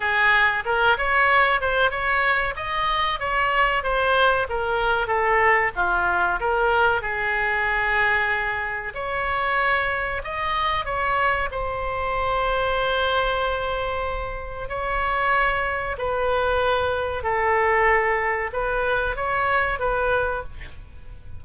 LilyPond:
\new Staff \with { instrumentName = "oboe" } { \time 4/4 \tempo 4 = 94 gis'4 ais'8 cis''4 c''8 cis''4 | dis''4 cis''4 c''4 ais'4 | a'4 f'4 ais'4 gis'4~ | gis'2 cis''2 |
dis''4 cis''4 c''2~ | c''2. cis''4~ | cis''4 b'2 a'4~ | a'4 b'4 cis''4 b'4 | }